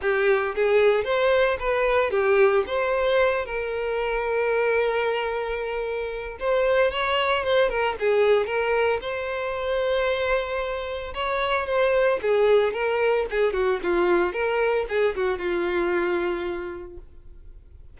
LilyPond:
\new Staff \with { instrumentName = "violin" } { \time 4/4 \tempo 4 = 113 g'4 gis'4 c''4 b'4 | g'4 c''4. ais'4.~ | ais'1 | c''4 cis''4 c''8 ais'8 gis'4 |
ais'4 c''2.~ | c''4 cis''4 c''4 gis'4 | ais'4 gis'8 fis'8 f'4 ais'4 | gis'8 fis'8 f'2. | }